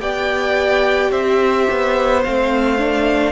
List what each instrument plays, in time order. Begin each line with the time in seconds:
0.00 cello B3, viola G4, violin D5 G5
1.11 cello C4, violin C5 E5
1.71 cello B3
2.24 cello A3, viola C4, violin F5
2.79 viola D4